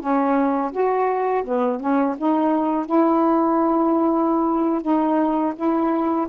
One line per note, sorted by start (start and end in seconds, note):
0.00 0.71 C#4
0.71 1.43 F#4
1.44 1.80 B3
1.80 2.15 C#4
2.17 2.85 D#4
2.85 4.82 E4
4.82 5.53 D#4
5.55 6.27 E4